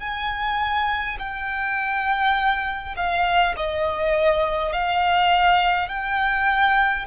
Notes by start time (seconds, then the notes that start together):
0.00 G#5
1.19 G5
2.96 F5
3.57 D#5
4.72 F5
5.88 G5